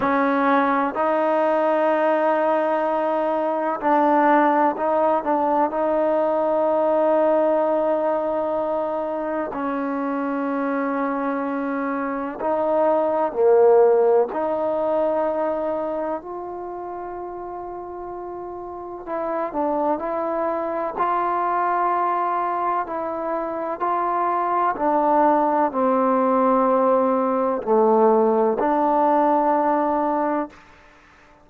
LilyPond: \new Staff \with { instrumentName = "trombone" } { \time 4/4 \tempo 4 = 63 cis'4 dis'2. | d'4 dis'8 d'8 dis'2~ | dis'2 cis'2~ | cis'4 dis'4 ais4 dis'4~ |
dis'4 f'2. | e'8 d'8 e'4 f'2 | e'4 f'4 d'4 c'4~ | c'4 a4 d'2 | }